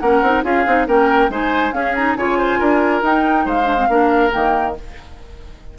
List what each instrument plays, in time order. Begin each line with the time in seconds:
0.00 bassoon A#3, clarinet C#4, oboe A#4, flute F#5
0.22 bassoon C4, clarinet D#4
0.44 bassoon C#4, clarinet F4, oboe G#4, flute F5
0.67 bassoon C4, clarinet D#4
0.88 bassoon A#3, clarinet C#4, oboe A#4, flute G5
1.30 bassoon G#3, clarinet D#4, oboe C5, flute G#5
1.73 bassoon C#4, clarinet C#4, oboe G#4, flute F5
1.96 clarinet D#4, flute A#5
2.16 bassoon C#3, clarinet F4, oboe C#5, flute G#5
2.38 oboe C5
2.59 bassoon D4, oboe A#4
3.02 bassoon D#4, clarinet D#4, flute G5
3.46 bassoon G#3, oboe C5, flute F5
3.65 clarinet D4
3.78 clarinet C4
3.89 bassoon A#3, clarinet D4, oboe A#4
4.32 bassoon D#3, clarinet A#3, flute G5